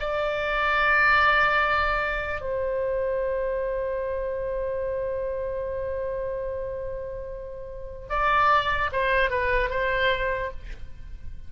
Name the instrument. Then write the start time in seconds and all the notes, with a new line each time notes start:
oboe
0.00 D5
2.41 C5
8.09 D5
8.92 C5
9.30 B4
9.70 C5